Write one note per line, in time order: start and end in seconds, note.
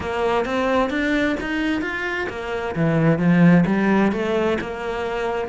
0.00 0.45 A#3
0.45 0.90 C4
0.90 1.36 D4
1.40 1.81 D#4
1.81 2.27 F4
2.29 2.75 A#3
2.75 3.18 E3
3.18 3.64 F3
3.66 4.12 G3
4.12 4.57 A3
4.61 5.48 A#3